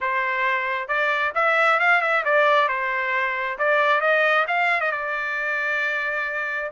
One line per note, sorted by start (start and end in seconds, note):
0.00 0.88 C5
0.88 1.32 D5
1.34 1.79 E5
1.79 2.01 F5
2.01 2.23 E5
2.24 2.68 D5
2.68 3.58 C5
3.58 4.00 D5
4.00 4.45 D#5
4.47 4.80 F5
4.80 4.91 D#5
4.91 6.70 D5